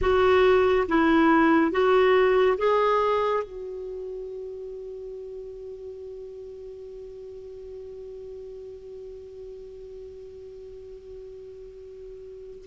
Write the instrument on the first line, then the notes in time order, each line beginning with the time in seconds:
clarinet
0.01 F#4
0.88 E4
1.71 F#4
2.57 G#4
3.43 F#4